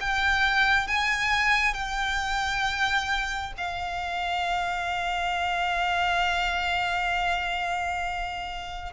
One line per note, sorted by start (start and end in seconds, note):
0.00 0.87 G5
0.87 1.74 G#5
1.74 3.53 G5
3.57 8.93 F5